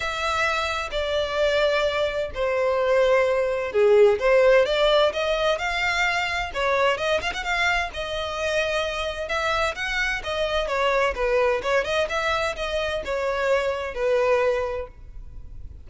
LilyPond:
\new Staff \with { instrumentName = "violin" } { \time 4/4 \tempo 4 = 129 e''2 d''2~ | d''4 c''2. | gis'4 c''4 d''4 dis''4 | f''2 cis''4 dis''8 f''16 fis''16 |
f''4 dis''2. | e''4 fis''4 dis''4 cis''4 | b'4 cis''8 dis''8 e''4 dis''4 | cis''2 b'2 | }